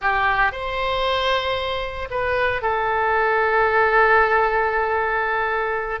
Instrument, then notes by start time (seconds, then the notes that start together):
oboe
0.01 G4
0.52 C5
2.10 B4
2.61 A4